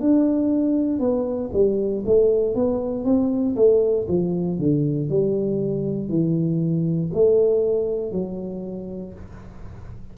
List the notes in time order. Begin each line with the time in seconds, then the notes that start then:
0.00 D4
0.99 B3
1.53 G3
2.05 A3
2.54 B3
3.04 C4
3.55 A3
4.08 F3
4.58 D3
5.09 G3
6.08 E3
7.13 A3
8.11 F#3